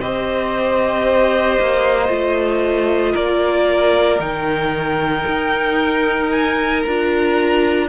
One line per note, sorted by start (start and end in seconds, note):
0.00 1.59 C4
0.00 2.09 G4
0.00 3.13 C5
0.00 3.16 D#5
1.61 2.09 A#3
2.09 3.14 A3
2.09 4.19 F4
3.13 4.20 A#3
3.13 7.87 A#4
3.13 4.21 D5
4.20 5.25 D#3
4.20 6.84 D#4
4.20 6.31 G5
5.27 6.85 D#4
6.32 6.82 G#5
6.82 7.89 D4
6.82 7.89 F4
6.82 7.88 A#5